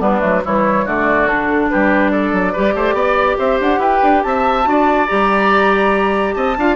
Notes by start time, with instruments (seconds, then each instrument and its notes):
0.00 bassoon G3, clarinet B3, oboe D4, flute B4
0.20 bassoon F#3, clarinet A3
0.45 bassoon E3, clarinet G3, oboe E4, flute C#5
0.85 bassoon D3, clarinet A3, oboe F#4, flute D5
1.27 clarinet D4, flute A4
1.70 bassoon G3, oboe G4, flute B4
2.11 oboe A4, flute D5
2.32 bassoon F#3
2.52 bassoon G3, clarinet G4, oboe B4
2.75 bassoon A3, oboe C5
2.93 bassoon B3, oboe D5
3.38 bassoon C4, oboe C5, flute E5
3.60 bassoon D4, flute F#5
3.78 bassoon E4, oboe B4, flute G5
4.03 bassoon D4
4.23 bassoon C4, oboe E5, flute A5
4.64 bassoon D4, clarinet F#4, oboe D5
5.07 bassoon G3, clarinet G4, flute A#5
6.34 bassoon C4, oboe D#5, flute A5
6.57 bassoon D4, clarinet F4, oboe F5